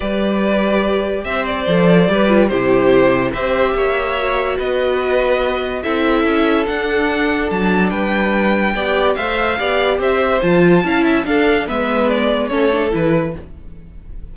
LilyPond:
<<
  \new Staff \with { instrumentName = "violin" } { \time 4/4 \tempo 4 = 144 d''2. e''8 d''8~ | d''2 c''2 | e''2. dis''4~ | dis''2 e''2 |
fis''2 a''4 g''4~ | g''2 f''2 | e''4 a''2 f''4 | e''4 d''4 cis''4 b'4 | }
  \new Staff \with { instrumentName = "violin" } { \time 4/4 b'2. c''4~ | c''4 b'4 g'2 | c''4 cis''2 b'4~ | b'2 a'2~ |
a'2. b'4~ | b'4 d''4 e''4 d''4 | c''2 f''8 e''8 a'4 | b'2 a'2 | }
  \new Staff \with { instrumentName = "viola" } { \time 4/4 g'1 | a'4 g'8 f'8 e'2 | g'2 fis'2~ | fis'2 e'2 |
d'1~ | d'4 g'4 c''4 g'4~ | g'4 f'4 e'4 d'4 | b2 cis'8 d'8 e'4 | }
  \new Staff \with { instrumentName = "cello" } { \time 4/4 g2. c'4 | f4 g4 c2 | c'4 ais2 b4~ | b2 c'4 cis'4 |
d'2 fis4 g4~ | g4 b4 a4 b4 | c'4 f4 cis'4 d'4 | gis2 a4 e4 | }
>>